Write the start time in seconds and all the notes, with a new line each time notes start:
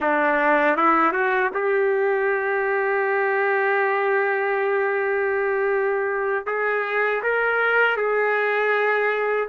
0.00 D4
0.76 E4
1.12 F#4
1.54 G4
6.46 G#4
7.23 A#4
7.96 G#4